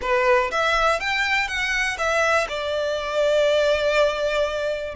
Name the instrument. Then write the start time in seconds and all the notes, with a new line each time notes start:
violin
0.01 B4
0.51 E5
0.99 G5
1.48 F#5
1.98 E5
2.48 D5